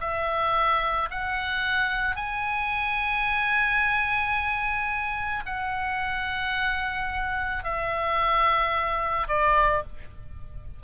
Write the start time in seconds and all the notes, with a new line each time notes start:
0.00 E5
1.11 F#5
2.16 G#5
5.46 F#5
7.64 E5
9.28 D5